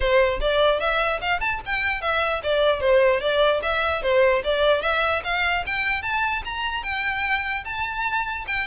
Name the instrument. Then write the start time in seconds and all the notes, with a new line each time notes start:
violin
0.00 C5
0.40 D5
0.80 E5
1.21 F5
1.40 A5
1.65 G5
2.01 E5
2.43 D5
2.80 C5
3.20 D5
3.62 E5
4.02 C5
4.44 D5
4.82 E5
5.23 F5
5.66 G5
6.02 A5
6.44 A#5
6.83 G5
7.64 A5
8.47 G5